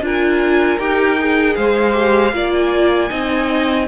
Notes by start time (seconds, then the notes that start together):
0.00 D4 F4 A#4 G#5
0.79 D#4 G4 G5
1.19 G#4
1.55 G#3 C5 F5
1.93 G4
2.33 A#3 F4 D5
2.53 G#5
3.09 C4 D#4 D#5